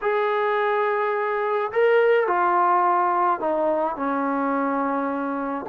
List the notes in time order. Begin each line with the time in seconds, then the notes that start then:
0.01 G#4
1.72 A#4
2.27 F4
3.40 D#4
3.95 C#4